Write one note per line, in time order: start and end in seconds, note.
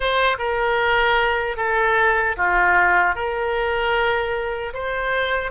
0.00 0.37 C5
0.38 1.56 A#4
1.56 2.35 A4
2.36 3.15 F4
3.15 4.73 A#4
4.73 5.51 C5